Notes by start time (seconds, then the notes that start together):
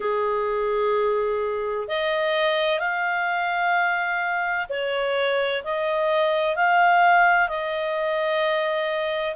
0.00 G#4
1.87 D#5
2.79 F5
4.69 C#5
5.64 D#5
6.55 F5
7.48 D#5